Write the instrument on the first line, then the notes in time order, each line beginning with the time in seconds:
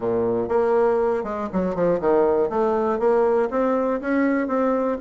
bassoon
0.00 A#2
0.48 A#3
1.23 G#3
1.52 F#3
1.75 F3
2.00 D#3
2.49 A3
2.99 A#3
3.50 C4
4.00 C#4
4.47 C4